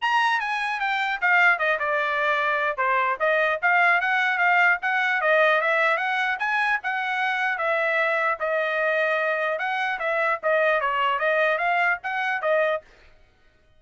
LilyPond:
\new Staff \with { instrumentName = "trumpet" } { \time 4/4 \tempo 4 = 150 ais''4 gis''4 g''4 f''4 | dis''8 d''2~ d''8 c''4 | dis''4 f''4 fis''4 f''4 | fis''4 dis''4 e''4 fis''4 |
gis''4 fis''2 e''4~ | e''4 dis''2. | fis''4 e''4 dis''4 cis''4 | dis''4 f''4 fis''4 dis''4 | }